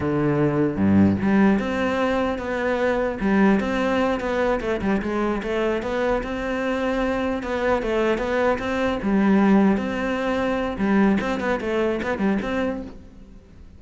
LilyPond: \new Staff \with { instrumentName = "cello" } { \time 4/4 \tempo 4 = 150 d2 g,4 g4 | c'2 b2 | g4 c'4. b4 a8 | g8 gis4 a4 b4 c'8~ |
c'2~ c'8 b4 a8~ | a8 b4 c'4 g4.~ | g8 c'2~ c'8 g4 | c'8 b8 a4 b8 g8 c'4 | }